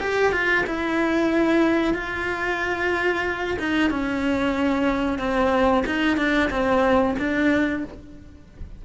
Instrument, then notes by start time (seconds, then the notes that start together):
cello
0.00 G4
0.32 F4
0.67 E4
1.94 F4
3.59 D#4
3.91 C#4
5.19 C4
5.87 D#4
6.17 D4
6.50 C4
7.19 D4